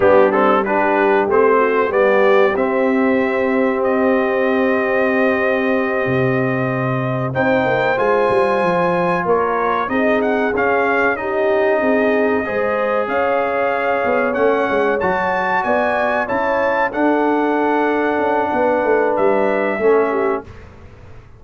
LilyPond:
<<
  \new Staff \with { instrumentName = "trumpet" } { \time 4/4 \tempo 4 = 94 g'8 a'8 b'4 c''4 d''4 | e''2 dis''2~ | dis''2.~ dis''8 g''8~ | g''8 gis''2 cis''4 dis''8 |
fis''8 f''4 dis''2~ dis''8~ | dis''8 f''2 fis''4 a''8~ | a''8 gis''4 a''4 fis''4.~ | fis''2 e''2 | }
  \new Staff \with { instrumentName = "horn" } { \time 4/4 d'4 g'4. fis'8 g'4~ | g'1~ | g'2.~ g'8 c''8~ | c''2~ c''8 ais'4 gis'8~ |
gis'4. g'4 gis'4 c''8~ | c''8 cis''2.~ cis''8~ | cis''8 d''4 cis''4 a'4.~ | a'4 b'2 a'8 g'8 | }
  \new Staff \with { instrumentName = "trombone" } { \time 4/4 b8 c'8 d'4 c'4 b4 | c'1~ | c'2.~ c'8 dis'8~ | dis'8 f'2. dis'8~ |
dis'8 cis'4 dis'2 gis'8~ | gis'2~ gis'8 cis'4 fis'8~ | fis'4. e'4 d'4.~ | d'2. cis'4 | }
  \new Staff \with { instrumentName = "tuba" } { \time 4/4 g2 a4 g4 | c'1~ | c'4. c2 c'8 | ais8 gis8 g8 f4 ais4 c'8~ |
c'8 cis'2 c'4 gis8~ | gis8 cis'4. b8 a8 gis8 fis8~ | fis8 b4 cis'4 d'4.~ | d'8 cis'8 b8 a8 g4 a4 | }
>>